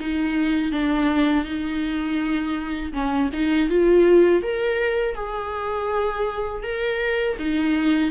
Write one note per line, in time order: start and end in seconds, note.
0.00 0.72 D#4
0.72 1.45 D4
1.45 2.93 D#4
2.93 3.30 C#4
3.33 3.70 D#4
3.70 4.43 F4
4.43 5.15 A#4
5.15 6.63 G#4
6.63 7.37 A#4
7.39 8.11 D#4